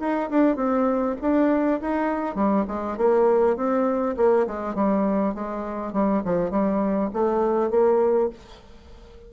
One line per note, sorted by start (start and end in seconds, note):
0.00 0.30 D#4
0.31 0.56 D4
0.56 1.16 C4
1.22 1.81 D4
1.81 2.35 D#4
2.35 2.65 G3
2.68 2.97 G#3
2.97 3.56 A#3
3.56 4.16 C4
4.17 4.47 A#3
4.47 4.75 G#3
4.75 5.35 G3
5.35 5.93 G#3
5.93 6.23 G3
6.25 6.51 F3
6.51 7.10 G3
7.13 7.71 A3
7.71 8.30 A#3